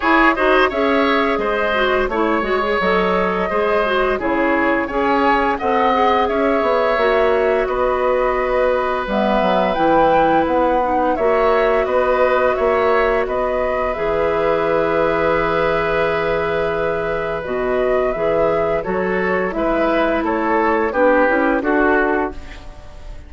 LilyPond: <<
  \new Staff \with { instrumentName = "flute" } { \time 4/4 \tempo 4 = 86 cis''8 dis''8 e''4 dis''4 cis''4 | dis''2 cis''4 gis''4 | fis''4 e''2 dis''4~ | dis''4 e''4 g''4 fis''4 |
e''4 dis''4 e''4 dis''4 | e''1~ | e''4 dis''4 e''4 cis''4 | e''4 cis''4 b'4 a'4 | }
  \new Staff \with { instrumentName = "oboe" } { \time 4/4 gis'8 c''8 cis''4 c''4 cis''4~ | cis''4 c''4 gis'4 cis''4 | dis''4 cis''2 b'4~ | b'1 |
cis''4 b'4 cis''4 b'4~ | b'1~ | b'2. a'4 | b'4 a'4 g'4 fis'4 | }
  \new Staff \with { instrumentName = "clarinet" } { \time 4/4 e'8 fis'8 gis'4. fis'8 e'8 fis'16 gis'16 | a'4 gis'8 fis'8 e'4 gis'4 | a'8 gis'4. fis'2~ | fis'4 b4 e'4. dis'8 |
fis'1 | gis'1~ | gis'4 fis'4 gis'4 fis'4 | e'2 d'8 e'8 fis'4 | }
  \new Staff \with { instrumentName = "bassoon" } { \time 4/4 e'8 dis'8 cis'4 gis4 a8 gis8 | fis4 gis4 cis4 cis'4 | c'4 cis'8 b8 ais4 b4~ | b4 g8 fis8 e4 b4 |
ais4 b4 ais4 b4 | e1~ | e4 b,4 e4 fis4 | gis4 a4 b8 cis'8 d'4 | }
>>